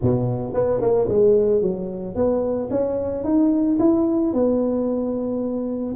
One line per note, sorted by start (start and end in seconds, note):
0.01 0.53 B2
0.53 0.80 B3
0.81 1.08 A#3
1.08 1.61 G#3
1.61 2.15 F#3
2.15 2.69 B3
2.70 3.24 C#4
3.24 3.78 D#4
3.79 4.33 E4
4.33 5.95 B3